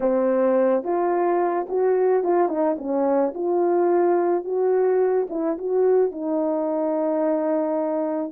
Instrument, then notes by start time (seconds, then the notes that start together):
horn
0.00 C4
0.83 F4
1.68 F#4
2.23 F4
2.48 D#4
2.78 C#4
3.34 F4
4.44 F#4
5.29 E4
5.58 F#4
6.11 D#4